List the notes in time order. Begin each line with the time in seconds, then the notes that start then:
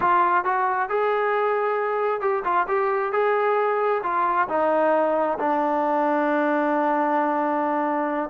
0.00 F4
0.44 F#4
0.89 G#4
2.20 G4
2.44 F4
2.67 G4
3.12 G#4
4.03 F4
4.48 D#4
5.38 D4